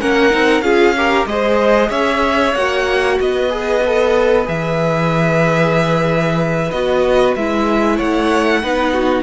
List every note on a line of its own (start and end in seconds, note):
0.00 0.33 A#3
0.00 0.30 C#4
0.00 0.64 A#4
0.00 0.61 F#5
0.30 0.61 C4
0.30 0.62 D#4
0.61 1.25 C#4
0.61 0.95 F4
0.61 0.96 G#4
0.61 1.25 F5
0.96 1.28 G4
0.96 1.28 A#4
1.26 1.89 G#3
1.26 2.55 G#4
1.26 1.89 C5
1.26 1.90 D#5
1.89 2.54 C#4
1.89 3.17 C#5
1.89 2.54 E5
2.54 3.18 A#3
2.54 3.50 F#4
2.54 3.18 F#5
3.19 4.47 B3
3.19 7.96 B4
3.19 4.48 D#5
3.50 3.82 G#4
3.86 4.44 A4
4.44 6.71 E3
4.44 6.67 G#4
4.44 6.70 E5
6.70 7.35 B3
6.70 7.37 F#4
6.70 7.34 D#5
7.35 7.99 G#3
7.35 8.63 E4
7.35 7.98 E5
7.96 8.63 A3
7.96 8.60 C#5
7.96 9.23 F#5
8.63 9.23 B3
8.63 9.23 D#4
8.63 8.93 B4
8.93 9.23 F#4